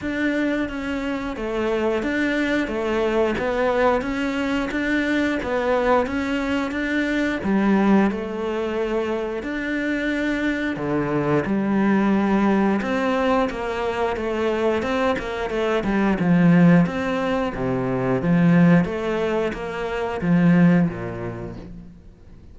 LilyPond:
\new Staff \with { instrumentName = "cello" } { \time 4/4 \tempo 4 = 89 d'4 cis'4 a4 d'4 | a4 b4 cis'4 d'4 | b4 cis'4 d'4 g4 | a2 d'2 |
d4 g2 c'4 | ais4 a4 c'8 ais8 a8 g8 | f4 c'4 c4 f4 | a4 ais4 f4 ais,4 | }